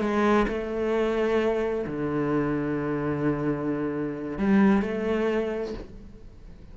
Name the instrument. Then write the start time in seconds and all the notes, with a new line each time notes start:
cello
0.00 G#3
0.48 A3
1.87 D3
4.38 G3
4.82 A3